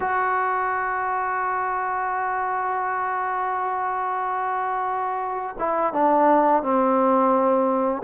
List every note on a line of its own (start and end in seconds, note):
0.00 5.56 F#4
5.58 5.93 E4
5.93 6.62 D4
6.62 8.02 C4